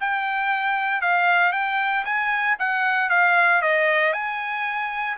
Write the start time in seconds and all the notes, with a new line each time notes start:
0.00 G5
1.02 F5
1.52 G5
2.05 G#5
2.59 F#5
3.09 F5
3.62 D#5
4.13 G#5